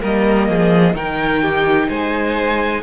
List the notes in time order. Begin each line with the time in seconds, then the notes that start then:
0.00 G3 A#3 A#4 D#5
0.49 F3 G#4
0.94 D#3 D#4 A#4 G5
1.41 G4
1.88 G#3 C5 G#5